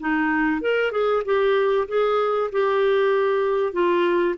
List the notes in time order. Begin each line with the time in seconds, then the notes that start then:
0.00 D#4
0.61 A#4
0.91 G#4
1.25 G4
1.88 G#4
2.52 G4
3.73 F4